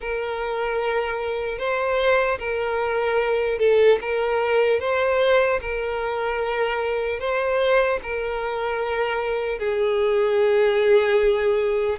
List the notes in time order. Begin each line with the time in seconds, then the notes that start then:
0.00 A#4
1.58 C5
2.39 A#4
3.59 A4
4.01 A#4
4.80 C5
5.61 A#4
7.19 C5
8.03 A#4
9.59 G#4